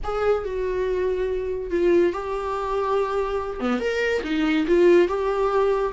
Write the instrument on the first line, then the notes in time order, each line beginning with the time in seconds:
viola
0.03 G#4
0.44 F#4
1.70 F4
2.12 G4
3.59 B3
3.80 A#4
4.23 D#4
4.67 F4
5.08 G4